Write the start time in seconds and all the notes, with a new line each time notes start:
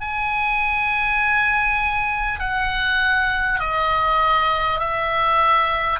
0.00 G#5
2.39 F#5
3.59 D#5
4.79 E5